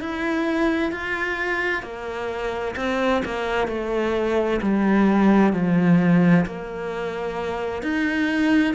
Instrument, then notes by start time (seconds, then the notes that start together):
cello
0.00 E4
0.91 F4
1.82 A#3
2.76 C4
3.25 A#3
3.68 A3
4.61 G3
5.53 F3
6.45 A#3
7.82 D#4